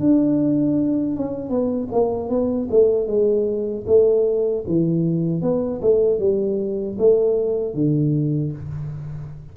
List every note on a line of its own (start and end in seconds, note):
0.00 1.17 D4
1.17 1.49 C#4
1.49 1.88 B3
1.92 2.30 A#3
2.30 2.68 B3
2.71 3.07 A3
3.07 3.85 G#3
3.87 4.65 A3
4.68 5.42 E3
5.42 5.81 B3
5.82 6.19 A3
6.19 6.97 G3
6.98 7.75 A3
7.75 8.53 D3